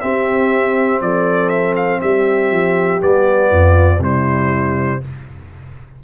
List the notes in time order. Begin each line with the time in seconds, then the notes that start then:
0.00 C4 G4 E5
1.01 F3 A4 D5
1.49 E5
1.76 F5
2.01 G3 G4 E5
2.51 F3
3.00 G3 B3 D5
3.51 F2 F4
3.99 C3 G3 E4 C5